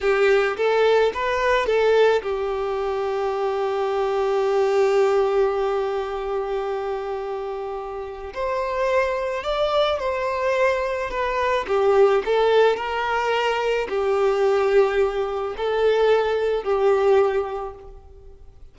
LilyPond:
\new Staff \with { instrumentName = "violin" } { \time 4/4 \tempo 4 = 108 g'4 a'4 b'4 a'4 | g'1~ | g'1~ | g'2. c''4~ |
c''4 d''4 c''2 | b'4 g'4 a'4 ais'4~ | ais'4 g'2. | a'2 g'2 | }